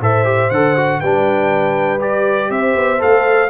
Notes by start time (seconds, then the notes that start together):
0.00 A2 A4 C5 E5
0.25 G4
0.50 D3 A4 F#5
0.77 F#4
1.00 G3 D4 B4 G5
1.99 G4 D5
2.50 C4 C5 E5
2.75 B3
2.98 A4 F5
3.05 A3